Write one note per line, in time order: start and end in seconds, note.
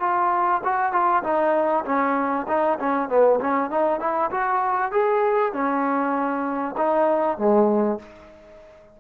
0.00 0.61 F4
0.64 0.93 F#4
0.93 1.23 F4
1.24 1.85 D#4
1.85 2.47 C#4
2.48 2.79 D#4
2.79 3.09 C#4
3.09 3.40 B3
3.41 3.71 C#4
3.71 4.00 D#4
4.00 4.31 E4
4.31 4.92 F#4
4.92 5.53 G#4
5.53 6.75 C#4
6.77 7.38 D#4
7.38 8.00 G#3